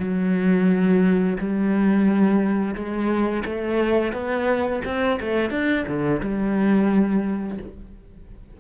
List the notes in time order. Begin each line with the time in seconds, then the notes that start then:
0.00 F#3
1.39 G3
2.75 G#3
3.45 A3
4.13 B3
4.85 C4
5.20 A3
5.51 D4
5.88 D3
6.20 G3